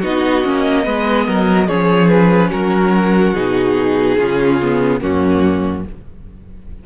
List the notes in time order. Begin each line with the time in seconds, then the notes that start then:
0.00 B3 D#4 F#4 D#5
0.44 A#3 C#4
0.84 G#3 B3 B4
1.26 F#3 A#4
1.68 F3 C#4 G#4 C#5
2.09 B4
2.50 F#3 F#4 A#4
3.34 B2 D#4 G#4
4.17 C#3 C#4 F4
4.62 B3
5.01 F#2 A#3 C#4 F#4